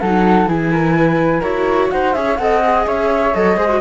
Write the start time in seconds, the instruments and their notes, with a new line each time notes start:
0.00 cello F#3, viola D#4, flute A4 F#5
0.46 cello E3, viola E4, flute G#4 G#5
0.72 flute A#4
0.97 flute B4
1.40 cello E4, viola F#4, flute A#4 C#5
1.90 cello D#4, flute C5 F#5
2.13 cello C#4, viola G#4, flute C#5 E5
2.37 cello C4, viola A4, flute D#5 F#5
2.63 viola G#4
2.87 cello C#4, flute C#5 E5
3.34 cello F#3, viola A4, flute D#5
3.56 cello G#3, viola G#4, flute C5
3.69 viola F#4